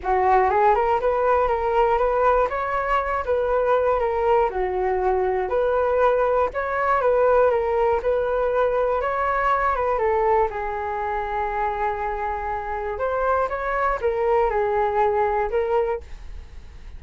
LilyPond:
\new Staff \with { instrumentName = "flute" } { \time 4/4 \tempo 4 = 120 fis'4 gis'8 ais'8 b'4 ais'4 | b'4 cis''4. b'4. | ais'4 fis'2 b'4~ | b'4 cis''4 b'4 ais'4 |
b'2 cis''4. b'8 | a'4 gis'2.~ | gis'2 c''4 cis''4 | ais'4 gis'2 ais'4 | }